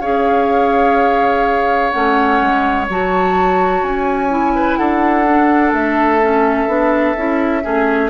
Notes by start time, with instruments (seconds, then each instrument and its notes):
0.00 bassoon C#4, clarinet G#4, oboe C#5, flute F5
1.90 bassoon A3, clarinet C#4, flute F#5
2.41 bassoon G#3
2.88 bassoon F#3, clarinet F#4, flute A5
3.82 bassoon C#4, flute G#5
4.30 clarinet E4
4.55 oboe B4
4.76 bassoon D4, oboe A4, flute F#5
5.29 clarinet D4
5.72 bassoon A3, flute E5
6.22 clarinet C#4
6.67 bassoon B3, clarinet D4
7.16 bassoon C#4, clarinet E4
7.62 bassoon A3, clarinet C#4, oboe G#4